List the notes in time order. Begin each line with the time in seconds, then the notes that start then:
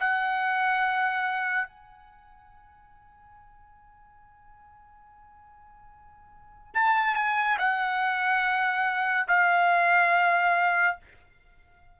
0.00 F#5
1.68 G#5
6.75 A5
7.15 G#5
7.58 F#5
9.28 F5